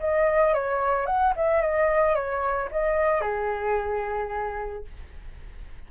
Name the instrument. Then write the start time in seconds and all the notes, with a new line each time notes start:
flute
0.00 D#5
0.54 C#5
1.07 F#5
1.37 E5
1.62 D#5
2.15 C#5
2.72 D#5
3.21 G#4